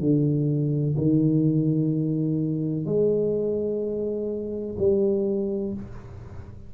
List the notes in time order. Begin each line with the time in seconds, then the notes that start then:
0.00 D3
0.97 D#3
2.85 G#3
4.78 G3